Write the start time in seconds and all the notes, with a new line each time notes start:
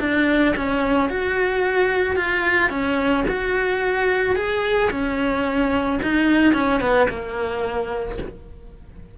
0.00 D4
0.56 C#4
1.09 F#4
2.16 F4
2.70 C#4
3.28 F#4
4.36 G#4
4.91 C#4
6.03 D#4
6.54 C#4
6.81 B3
7.09 A#3